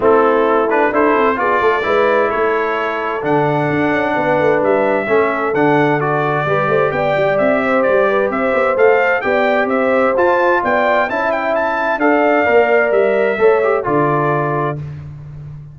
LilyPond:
<<
  \new Staff \with { instrumentName = "trumpet" } { \time 4/4 \tempo 4 = 130 a'4. b'8 c''4 d''4~ | d''4 cis''2 fis''4~ | fis''2 e''2 | fis''4 d''2 g''4 |
e''4 d''4 e''4 f''4 | g''4 e''4 a''4 g''4 | a''8 g''8 a''4 f''2 | e''2 d''2 | }
  \new Staff \with { instrumentName = "horn" } { \time 4/4 e'2 a'4 gis'8 a'8 | b'4 a'2.~ | a'4 b'2 a'4~ | a'2 b'8 c''8 d''4~ |
d''8 c''4 b'8 c''2 | d''4 c''2 d''4 | e''2 d''2~ | d''4 cis''4 a'2 | }
  \new Staff \with { instrumentName = "trombone" } { \time 4/4 c'4. d'8 e'4 f'4 | e'2. d'4~ | d'2. cis'4 | d'4 fis'4 g'2~ |
g'2. a'4 | g'2 f'2 | e'2 a'4 ais'4~ | ais'4 a'8 g'8 f'2 | }
  \new Staff \with { instrumentName = "tuba" } { \time 4/4 a2 d'8 c'8 b8 a8 | gis4 a2 d4 | d'8 cis'8 b8 a8 g4 a4 | d2 g8 a8 b8 g8 |
c'4 g4 c'8 b8 a4 | b4 c'4 f'4 b4 | cis'2 d'4 ais4 | g4 a4 d2 | }
>>